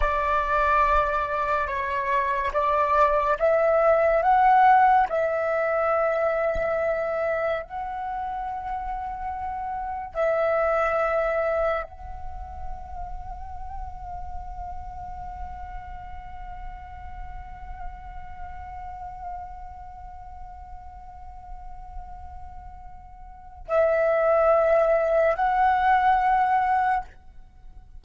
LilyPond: \new Staff \with { instrumentName = "flute" } { \time 4/4 \tempo 4 = 71 d''2 cis''4 d''4 | e''4 fis''4 e''2~ | e''4 fis''2. | e''2 fis''2~ |
fis''1~ | fis''1~ | fis''1 | e''2 fis''2 | }